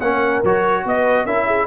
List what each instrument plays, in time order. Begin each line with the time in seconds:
0.00 tuba A#3, trombone C#4, horn A#4, trumpet F#5
0.43 tuba F#3, trombone F#4, trumpet C#5
0.85 tuba B3, horn B4, trumpet D#5
1.24 tuba C#4, trombone E4, horn A#4, trumpet E5
1.46 horn G#4